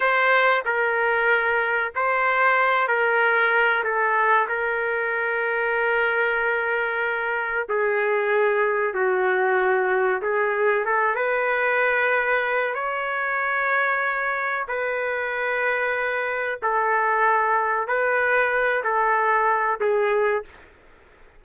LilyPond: \new Staff \with { instrumentName = "trumpet" } { \time 4/4 \tempo 4 = 94 c''4 ais'2 c''4~ | c''8 ais'4. a'4 ais'4~ | ais'1 | gis'2 fis'2 |
gis'4 a'8 b'2~ b'8 | cis''2. b'4~ | b'2 a'2 | b'4. a'4. gis'4 | }